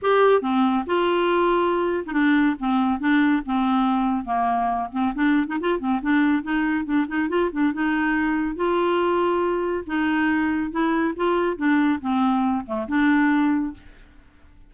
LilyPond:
\new Staff \with { instrumentName = "clarinet" } { \time 4/4 \tempo 4 = 140 g'4 c'4 f'2~ | f'8. dis'16 d'4 c'4 d'4 | c'2 ais4. c'8 | d'8. dis'16 f'8 c'8 d'4 dis'4 |
d'8 dis'8 f'8 d'8 dis'2 | f'2. dis'4~ | dis'4 e'4 f'4 d'4 | c'4. a8 d'2 | }